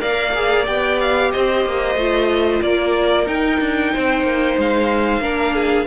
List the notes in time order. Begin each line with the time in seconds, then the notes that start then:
0.00 A#3 A#4 D5 F5
0.35 G#4
0.66 B3 G4 G5
1.00 F5
1.31 C4 C5 D#5
1.65 A#3
1.95 A3 F4
2.62 A#3 A#4 D5
3.26 D#4 G5
3.60 D4
3.93 C4 C5
4.23 A#3
4.58 G#3 F5
5.20 A#3 D4 A#4
5.54 G#4